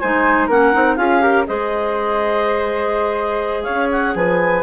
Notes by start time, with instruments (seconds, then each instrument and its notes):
0.00 bassoon G#3, clarinet D#4 G#5, flute C5
0.47 bassoon A#3, clarinet C#4 F#5, flute A#4
0.73 bassoon C4, clarinet D#4
0.96 bassoon C#4, clarinet F4 F5, flute G#4
1.21 clarinet G4, flute A#4
1.47 bassoon G#3, clarinet G#4 D#5, flute C5
3.64 bassoon C#4, flute C#5, clarinet F5
3.92 clarinet F#5
4.16 bassoon F3, flute B4, clarinet G#5